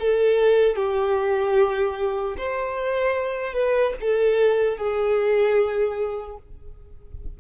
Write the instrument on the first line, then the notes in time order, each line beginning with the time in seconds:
violin
0.00 A4
0.76 G4
2.38 C5
3.54 B4
4.01 A4
4.78 G#4